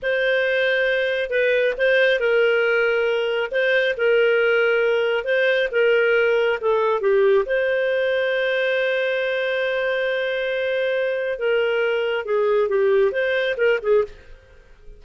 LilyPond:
\new Staff \with { instrumentName = "clarinet" } { \time 4/4 \tempo 4 = 137 c''2. b'4 | c''4 ais'2. | c''4 ais'2. | c''4 ais'2 a'4 |
g'4 c''2.~ | c''1~ | c''2 ais'2 | gis'4 g'4 c''4 ais'8 gis'8 | }